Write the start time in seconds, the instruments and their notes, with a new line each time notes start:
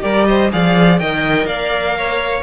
0.00 cello G3, viola G4, violin A#4 D5
0.26 violin C5 D#5
0.51 cello F3, viola G#4, violin D5 F5
0.98 cello D#3, viola A#4, violin D#5 G5
1.45 cello A#3, violin D5 F5
1.97 violin C#5